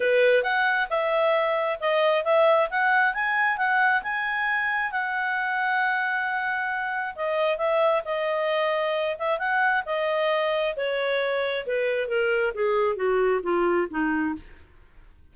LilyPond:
\new Staff \with { instrumentName = "clarinet" } { \time 4/4 \tempo 4 = 134 b'4 fis''4 e''2 | dis''4 e''4 fis''4 gis''4 | fis''4 gis''2 fis''4~ | fis''1 |
dis''4 e''4 dis''2~ | dis''8 e''8 fis''4 dis''2 | cis''2 b'4 ais'4 | gis'4 fis'4 f'4 dis'4 | }